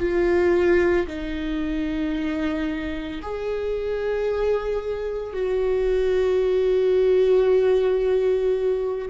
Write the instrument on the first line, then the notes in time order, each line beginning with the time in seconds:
viola
0.00 F4
1.08 D#4
3.22 G#4
5.34 F#4